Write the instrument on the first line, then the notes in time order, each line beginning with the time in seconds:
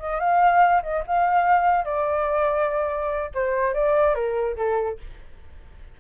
flute
0.00 D#5
0.20 F5
0.83 D#5
1.07 F5
1.85 D5
3.35 C5
3.74 D5
4.15 A#4
4.57 A4